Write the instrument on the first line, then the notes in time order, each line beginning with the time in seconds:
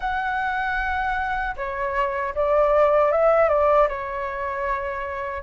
flute
0.00 F#5
1.56 C#5
2.34 D5
3.11 E5
3.49 D5
3.88 C#5